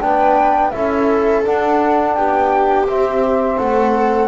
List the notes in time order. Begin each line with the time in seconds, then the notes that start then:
0.00 B3 D4 B4 G5
0.71 C#4 E4 A4 E5
1.44 D4 F#5
2.14 B3 G4 G5
2.86 C4 E5
3.57 A3 A4 F#5